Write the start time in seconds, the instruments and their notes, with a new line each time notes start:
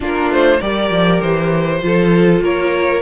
0.00 cello A#3, viola D4, violin F4 A#4
0.29 cello A3, violin C5
0.60 cello G3, viola G4, violin A#4 D5
0.90 cello F3
1.21 cello E3, violin C5
1.80 cello F3, viola F4, violin A4
2.40 cello A#3, violin A#4 C#5